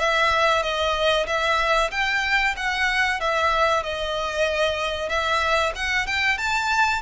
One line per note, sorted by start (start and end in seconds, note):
0.00 0.63 E5
0.63 1.27 D#5
1.27 1.91 E5
1.91 2.55 G5
2.57 3.21 F#5
3.21 3.84 E5
3.84 5.09 D#5
5.09 5.73 E5
5.76 6.07 F#5
6.07 6.38 G5
6.38 7.02 A5